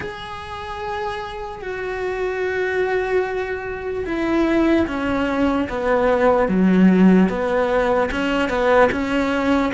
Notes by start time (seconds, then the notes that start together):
0.00 G#4
1.61 F#4
4.05 E4
4.86 C#4
5.69 B3
6.48 F#3
7.29 B3
8.11 C#4
8.49 B3
8.91 C#4